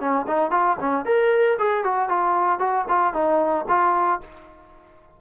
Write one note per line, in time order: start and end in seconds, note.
0.00 0.26 C#4
0.28 0.51 D#4
0.51 0.77 F4
0.80 1.05 C#4
1.05 1.57 A#4
1.59 1.84 G#4
1.84 2.09 F#4
2.09 2.59 F4
2.59 2.85 F#4
2.88 3.14 F4
3.14 3.66 D#4
3.69 4.21 F4